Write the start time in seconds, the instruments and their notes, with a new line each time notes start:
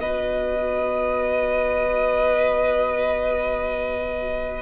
0.00 cello B3, viola F#4, violin B4 D#5